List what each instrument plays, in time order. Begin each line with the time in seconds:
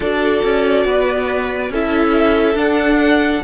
0.00 cello D4, viola F#4, violin A4 D5
0.44 cello C#4
0.85 cello B3, violin B4
1.69 cello C#4, viola E4, violin A4 E5
2.54 cello D4, viola D4, violin F#5